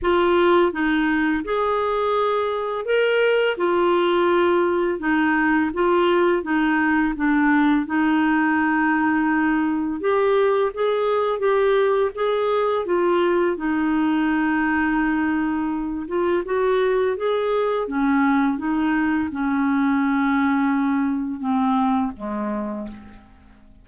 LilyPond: \new Staff \with { instrumentName = "clarinet" } { \time 4/4 \tempo 4 = 84 f'4 dis'4 gis'2 | ais'4 f'2 dis'4 | f'4 dis'4 d'4 dis'4~ | dis'2 g'4 gis'4 |
g'4 gis'4 f'4 dis'4~ | dis'2~ dis'8 f'8 fis'4 | gis'4 cis'4 dis'4 cis'4~ | cis'2 c'4 gis4 | }